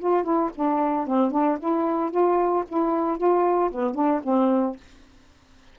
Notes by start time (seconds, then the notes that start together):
0.00 F4
0.24 E4
0.56 D4
1.07 C4
1.32 D4
1.60 E4
2.11 F4
2.69 E4
3.18 F4
3.71 B3
3.95 D4
4.24 C4